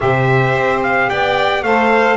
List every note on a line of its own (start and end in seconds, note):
0.00 0.56 C3
0.00 1.63 G4
0.00 1.09 C5
0.00 0.82 E5
0.56 1.10 C4
0.82 1.09 F5
1.09 1.62 B3
1.09 1.63 D5
1.09 1.63 G5
1.62 2.17 A3
1.62 2.17 A4
1.62 2.17 C5
1.62 2.17 F5